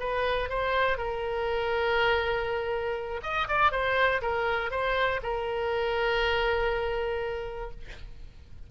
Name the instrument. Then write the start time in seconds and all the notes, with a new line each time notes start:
oboe
0.00 B4
0.50 C5
0.98 A#4
3.23 D#5
3.49 D5
3.72 C5
4.22 A#4
4.72 C5
5.24 A#4